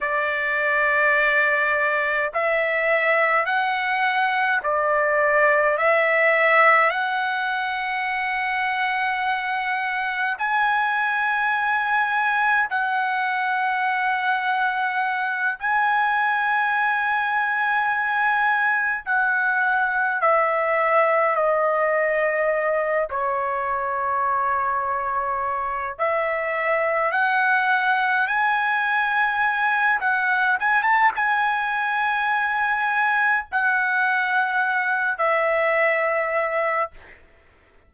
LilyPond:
\new Staff \with { instrumentName = "trumpet" } { \time 4/4 \tempo 4 = 52 d''2 e''4 fis''4 | d''4 e''4 fis''2~ | fis''4 gis''2 fis''4~ | fis''4. gis''2~ gis''8~ |
gis''8 fis''4 e''4 dis''4. | cis''2~ cis''8 e''4 fis''8~ | fis''8 gis''4. fis''8 gis''16 a''16 gis''4~ | gis''4 fis''4. e''4. | }